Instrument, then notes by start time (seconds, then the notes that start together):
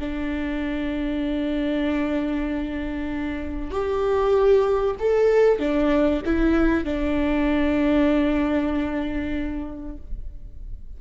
viola
0.00 D4
3.71 G4
5.00 A4
5.60 D4
6.26 E4
6.85 D4